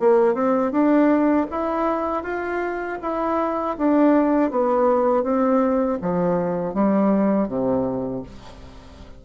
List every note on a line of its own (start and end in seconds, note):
0.00 0.34 A#3
0.34 0.72 C4
0.72 1.47 D4
1.51 2.24 E4
2.24 2.99 F4
3.02 3.77 E4
3.78 4.51 D4
4.51 5.24 B3
5.24 5.99 C4
6.02 6.74 F3
6.74 7.48 G3
7.48 8.23 C3